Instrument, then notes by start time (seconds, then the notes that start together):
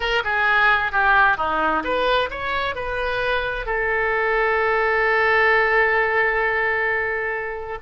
oboe
0.00 A#4
0.24 G#4
0.92 G4
1.37 D#4
1.83 B4
2.30 C#5
2.75 B4
3.66 A4